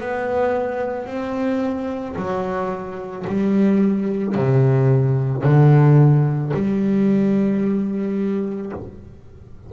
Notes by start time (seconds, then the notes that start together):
0.00 B3
1.06 C4
2.16 F#3
3.27 G3
4.35 C3
5.43 D3
6.54 G3